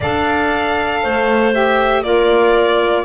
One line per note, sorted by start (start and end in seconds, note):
0.00 1.04 D4
0.00 1.52 A4
0.00 1.00 D5
0.00 1.54 F5
1.02 2.03 A3
1.02 2.04 C5
1.52 2.02 G4
1.52 2.03 E5
2.02 3.04 A#3
2.02 3.04 F4
2.02 3.04 A#4
2.02 3.04 D5